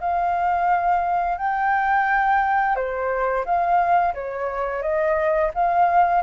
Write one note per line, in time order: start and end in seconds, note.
0.00 1.38 F5
1.38 2.76 G5
2.76 3.45 C5
3.45 4.14 F5
4.14 4.82 C#5
4.82 5.51 D#5
5.54 6.22 F5